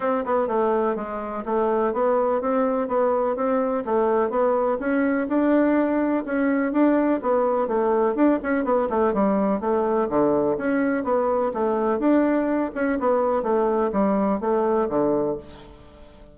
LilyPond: \new Staff \with { instrumentName = "bassoon" } { \time 4/4 \tempo 4 = 125 c'8 b8 a4 gis4 a4 | b4 c'4 b4 c'4 | a4 b4 cis'4 d'4~ | d'4 cis'4 d'4 b4 |
a4 d'8 cis'8 b8 a8 g4 | a4 d4 cis'4 b4 | a4 d'4. cis'8 b4 | a4 g4 a4 d4 | }